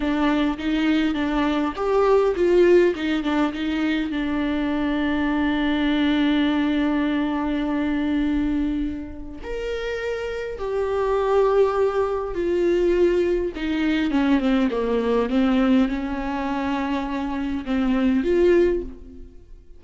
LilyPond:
\new Staff \with { instrumentName = "viola" } { \time 4/4 \tempo 4 = 102 d'4 dis'4 d'4 g'4 | f'4 dis'8 d'8 dis'4 d'4~ | d'1~ | d'1 |
ais'2 g'2~ | g'4 f'2 dis'4 | cis'8 c'8 ais4 c'4 cis'4~ | cis'2 c'4 f'4 | }